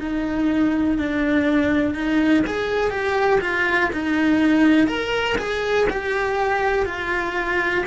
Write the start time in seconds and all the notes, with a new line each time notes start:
0.00 D#4
0.98 D4
1.94 D#4
2.47 G#4
2.90 G4
3.41 F4
3.93 D#4
4.87 A#4
5.38 G#4
5.90 G4
6.86 F4